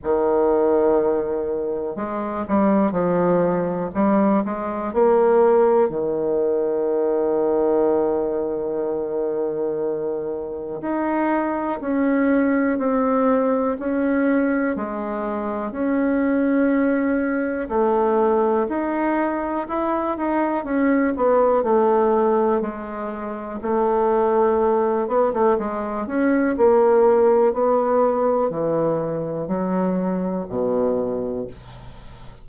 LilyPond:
\new Staff \with { instrumentName = "bassoon" } { \time 4/4 \tempo 4 = 61 dis2 gis8 g8 f4 | g8 gis8 ais4 dis2~ | dis2. dis'4 | cis'4 c'4 cis'4 gis4 |
cis'2 a4 dis'4 | e'8 dis'8 cis'8 b8 a4 gis4 | a4. b16 a16 gis8 cis'8 ais4 | b4 e4 fis4 b,4 | }